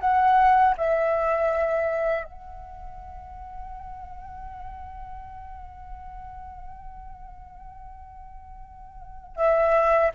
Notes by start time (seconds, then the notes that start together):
0.00 F#5
0.77 E5
2.25 F#5
9.36 E5